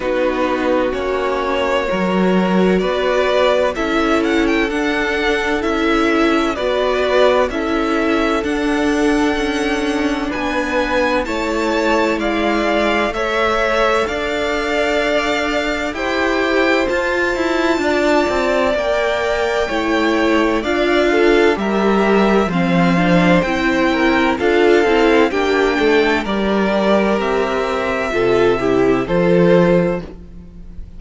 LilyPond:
<<
  \new Staff \with { instrumentName = "violin" } { \time 4/4 \tempo 4 = 64 b'4 cis''2 d''4 | e''8 fis''16 g''16 fis''4 e''4 d''4 | e''4 fis''2 gis''4 | a''4 f''4 e''4 f''4~ |
f''4 g''4 a''2 | g''2 f''4 e''4 | f''4 g''4 f''4 g''4 | d''4 e''2 c''4 | }
  \new Staff \with { instrumentName = "violin" } { \time 4/4 fis'2 ais'4 b'4 | a'2. b'4 | a'2. b'4 | cis''4 d''4 cis''4 d''4~ |
d''4 c''2 d''4~ | d''4 cis''4 d''8 a'8 ais'4 | c''4. ais'8 a'4 g'8 a'8 | ais'2 a'8 g'8 a'4 | }
  \new Staff \with { instrumentName = "viola" } { \time 4/4 dis'4 cis'4 fis'2 | e'4 d'4 e'4 fis'4 | e'4 d'2. | e'2 a'2~ |
a'4 g'4 f'2 | ais'4 e'4 f'4 g'4 | c'8 d'8 e'4 f'8 e'8 d'4 | g'2 f'8 e'8 f'4 | }
  \new Staff \with { instrumentName = "cello" } { \time 4/4 b4 ais4 fis4 b4 | cis'4 d'4 cis'4 b4 | cis'4 d'4 cis'4 b4 | a4 gis4 a4 d'4~ |
d'4 e'4 f'8 e'8 d'8 c'8 | ais4 a4 d'4 g4 | f4 c'4 d'8 c'8 ais8 a8 | g4 c'4 c4 f4 | }
>>